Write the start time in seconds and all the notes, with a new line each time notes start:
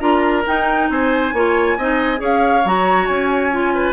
0.00 D4 F4 A#4 A#5
0.46 D#4 G5
0.90 C4 C5 G#5
1.33 A#3 F4 C#5
1.78 C4 D#4 D#5
2.18 C#4 G#4 C#5
2.24 F5
2.65 F#3 F#4 A#5
3.07 C#4 G#5
3.52 F4
3.75 B4